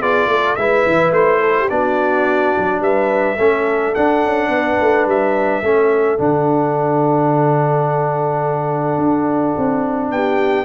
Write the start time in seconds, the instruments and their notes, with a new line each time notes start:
0.00 tuba B3, trombone F4, horn G#4, trumpet D5
0.27 tuba A3, horn A4
0.55 tuba G#3, trombone E4, horn B4, trumpet E5
0.86 tuba E3
1.11 tuba A3, trumpet C5
1.39 horn A4
1.59 horn G4
1.69 tuba B3, trombone D4, horn F#4, trumpet D5
2.57 tuba F#3
2.79 tuba G3, horn B4, trumpet E5
3.36 tuba A3, trombone C#4, horn A4
3.94 trombone D4, tuba D4, trumpet F#5
4.24 tuba C#4
4.48 tuba B3, horn B4
4.80 tuba A3
5.05 tuba G3, trumpet E5
5.62 tuba A3, trombone C#4, horn A4
6.17 tuba D3, trombone D4, trumpet F#5
8.97 tuba D4
9.57 tuba C4
10.10 tuba B3, horn G4, trumpet G5